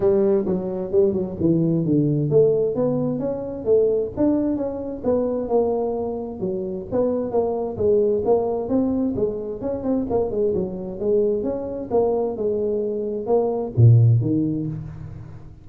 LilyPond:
\new Staff \with { instrumentName = "tuba" } { \time 4/4 \tempo 4 = 131 g4 fis4 g8 fis8 e4 | d4 a4 b4 cis'4 | a4 d'4 cis'4 b4 | ais2 fis4 b4 |
ais4 gis4 ais4 c'4 | gis4 cis'8 c'8 ais8 gis8 fis4 | gis4 cis'4 ais4 gis4~ | gis4 ais4 ais,4 dis4 | }